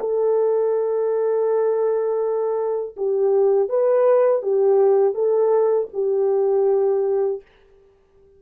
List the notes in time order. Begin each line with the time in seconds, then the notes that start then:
0.00 A4
2.97 G4
3.69 B4
4.42 G4
5.14 A4
5.94 G4